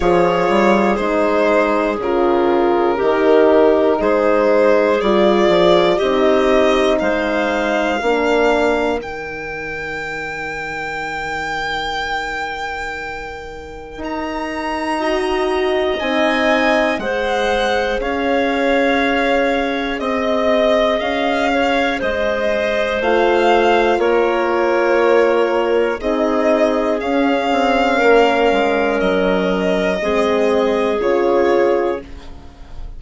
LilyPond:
<<
  \new Staff \with { instrumentName = "violin" } { \time 4/4 \tempo 4 = 60 cis''4 c''4 ais'2 | c''4 d''4 dis''4 f''4~ | f''4 g''2.~ | g''2 ais''2 |
gis''4 fis''4 f''2 | dis''4 f''4 dis''4 f''4 | cis''2 dis''4 f''4~ | f''4 dis''2 cis''4 | }
  \new Staff \with { instrumentName = "clarinet" } { \time 4/4 gis'2. g'4 | gis'2 g'4 c''4 | ais'1~ | ais'2. dis''4~ |
dis''4 c''4 cis''2 | dis''4. cis''8 c''2 | ais'2 gis'2 | ais'2 gis'2 | }
  \new Staff \with { instrumentName = "horn" } { \time 4/4 f'4 dis'4 f'4 dis'4~ | dis'4 f'4 dis'2 | d'4 dis'2.~ | dis'2. fis'4 |
dis'4 gis'2.~ | gis'2. f'4~ | f'2 dis'4 cis'4~ | cis'2 c'4 f'4 | }
  \new Staff \with { instrumentName = "bassoon" } { \time 4/4 f8 g8 gis4 cis4 dis4 | gis4 g8 f8 c'4 gis4 | ais4 dis2.~ | dis2 dis'2 |
c'4 gis4 cis'2 | c'4 cis'4 gis4 a4 | ais2 c'4 cis'8 c'8 | ais8 gis8 fis4 gis4 cis4 | }
>>